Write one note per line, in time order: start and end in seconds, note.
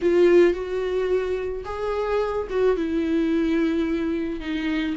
0.01 0.53 F4
0.53 1.63 F#4
1.65 2.47 G#4
2.50 2.76 F#4
2.76 4.40 E4
4.40 4.95 D#4